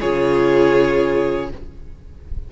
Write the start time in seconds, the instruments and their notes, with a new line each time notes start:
0.00 cello C#3, viola F4, violin G#4 C#5